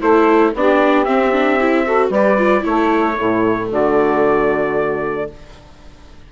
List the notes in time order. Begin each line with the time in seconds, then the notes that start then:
0.00 A3 E4 A4 C5
0.54 B3 D4 G4 D5
1.04 C4 E5
1.32 D4
1.61 E4
1.85 F#4 A4
2.10 G3 G4 B4 D5
2.38 F4
2.61 A3 E4 A4 C#5
3.16 A2 A3 E4
3.69 D3 F#4 D5